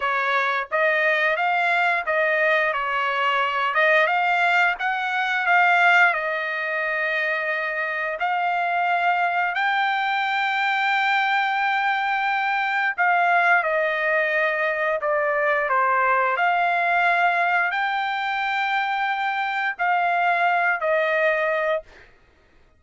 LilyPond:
\new Staff \with { instrumentName = "trumpet" } { \time 4/4 \tempo 4 = 88 cis''4 dis''4 f''4 dis''4 | cis''4. dis''8 f''4 fis''4 | f''4 dis''2. | f''2 g''2~ |
g''2. f''4 | dis''2 d''4 c''4 | f''2 g''2~ | g''4 f''4. dis''4. | }